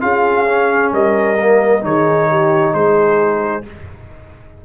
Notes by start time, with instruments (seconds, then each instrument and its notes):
0.00 tuba C#4, trombone F4, horn G#4, trumpet F5
0.46 trombone C#4
0.93 tuba G3, horn A#4, trumpet D#5
1.38 trombone A#3
1.81 tuba D#3, trombone D#4, horn G#4, trumpet C#5
2.29 horn G4
2.73 tuba G#3, horn G#4, trumpet C5